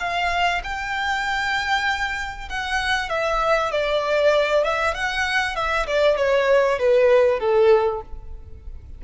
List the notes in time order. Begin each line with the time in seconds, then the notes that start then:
0.00 F5
0.64 G5
2.49 F#5
3.10 E5
3.71 D5
4.64 E5
4.95 F#5
5.56 E5
5.87 D5
6.17 C#5
6.79 B4
7.40 A4